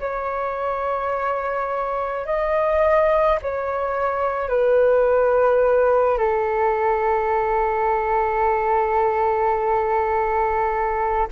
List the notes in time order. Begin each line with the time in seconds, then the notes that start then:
0.00 C#5
2.26 D#5
3.42 C#5
4.49 B4
6.19 A4